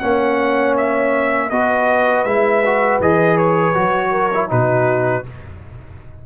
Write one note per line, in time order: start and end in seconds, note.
0.00 1.52 A#3
0.00 1.51 C#4
0.00 1.50 C#5
0.00 0.75 F#5
0.77 1.50 E5
1.50 2.25 B3
1.50 2.27 F#4
1.50 4.12 B4
1.50 2.25 D#5
2.25 3.00 G#3
2.25 2.64 E4
2.25 3.00 E5
2.66 3.03 F#4
3.00 3.75 E3
3.00 3.75 G#4
3.00 3.37 D#5
3.37 4.50 C#5
3.75 4.52 F#3
3.75 4.31 F#4
4.12 4.49 A#4
4.35 4.49 E4
4.49 5.27 B2
4.49 5.24 D#4
4.49 5.25 F#4
4.49 5.26 B4